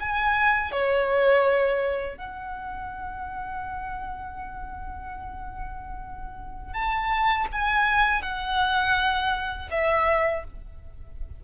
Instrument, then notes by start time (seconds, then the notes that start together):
violin
0.00 G#5
0.71 C#5
2.18 F#5
6.73 A5
7.52 G#5
8.22 F#5
9.71 E5